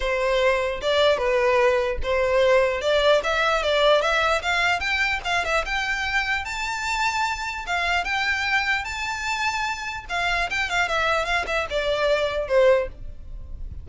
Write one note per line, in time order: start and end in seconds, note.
0.00 0.81 C5
0.81 1.17 D5
1.17 1.97 B4
2.02 2.81 C5
2.81 3.21 D5
3.23 3.62 E5
3.62 4.01 D5
4.01 4.41 E5
4.42 4.80 F5
4.80 5.20 G5
5.24 5.44 F5
5.44 5.64 E5
5.65 6.44 G5
6.44 7.65 A5
7.66 8.04 F5
8.04 8.84 G5
8.84 10.05 A5
10.09 10.49 F5
10.50 10.69 G5
10.69 10.88 F5
10.88 11.25 E5
11.25 11.45 F5
11.46 11.66 E5
11.70 12.48 D5
12.48 12.88 C5